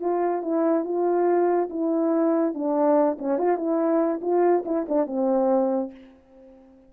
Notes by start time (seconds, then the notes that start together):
0.00 F4
0.42 E4
0.85 F4
1.70 E4
2.54 D4
3.19 C#4
3.38 F4
3.57 E4
4.22 F4
4.65 E4
4.89 D4
5.07 C4